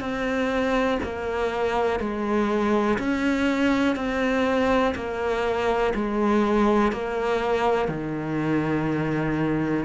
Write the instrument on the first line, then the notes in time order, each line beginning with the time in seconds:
cello
0.00 C4
1.02 A#3
1.99 G#3
2.98 C#4
3.95 C4
4.94 A#3
5.94 G#3
6.92 A#3
7.88 D#3